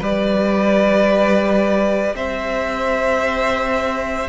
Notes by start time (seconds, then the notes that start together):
0.00 G3 G4 B4 D5
2.15 C4 C5 E5